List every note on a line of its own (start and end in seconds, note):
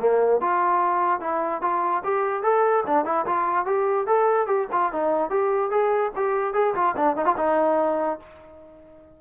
0.00 0.41 A#3
0.41 1.21 F4
1.21 1.62 E4
1.62 2.03 F4
2.04 2.43 G4
2.43 2.84 A4
2.87 3.05 D4
3.05 3.26 E4
3.27 3.66 F4
3.66 4.07 G4
4.07 4.47 A4
4.47 4.68 G4
4.72 4.93 F4
4.93 5.30 D#4
5.30 5.71 G4
5.71 6.12 G#4
6.16 6.54 G4
6.54 6.75 G#4
6.75 6.96 F4
6.97 7.17 D4
7.17 7.26 D#4
7.26 7.36 F4
7.37 8.19 D#4